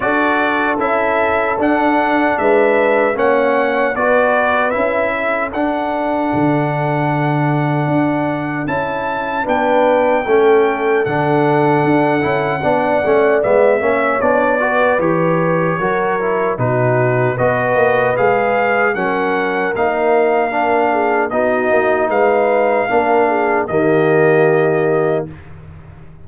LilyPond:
<<
  \new Staff \with { instrumentName = "trumpet" } { \time 4/4 \tempo 4 = 76 d''4 e''4 fis''4 e''4 | fis''4 d''4 e''4 fis''4~ | fis''2. a''4 | g''2 fis''2~ |
fis''4 e''4 d''4 cis''4~ | cis''4 b'4 dis''4 f''4 | fis''4 f''2 dis''4 | f''2 dis''2 | }
  \new Staff \with { instrumentName = "horn" } { \time 4/4 a'2. b'4 | cis''4 b'4. a'4.~ | a'1 | b'4 a'2. |
d''4. cis''4 b'4. | ais'4 fis'4 b'2 | ais'2~ ais'8 gis'8 fis'4 | b'4 ais'8 gis'8 g'2 | }
  \new Staff \with { instrumentName = "trombone" } { \time 4/4 fis'4 e'4 d'2 | cis'4 fis'4 e'4 d'4~ | d'2. e'4 | d'4 cis'4 d'4. e'8 |
d'8 cis'8 b8 cis'8 d'8 fis'8 g'4 | fis'8 e'8 dis'4 fis'4 gis'4 | cis'4 dis'4 d'4 dis'4~ | dis'4 d'4 ais2 | }
  \new Staff \with { instrumentName = "tuba" } { \time 4/4 d'4 cis'4 d'4 gis4 | ais4 b4 cis'4 d'4 | d2 d'4 cis'4 | b4 a4 d4 d'8 cis'8 |
b8 a8 gis8 ais8 b4 e4 | fis4 b,4 b8 ais8 gis4 | fis4 ais2 b8 ais8 | gis4 ais4 dis2 | }
>>